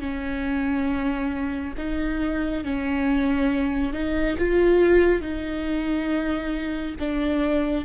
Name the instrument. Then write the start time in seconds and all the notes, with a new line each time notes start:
viola
0.00 C#4
1.77 D#4
2.64 C#4
3.93 D#4
4.38 F4
5.21 D#4
6.99 D4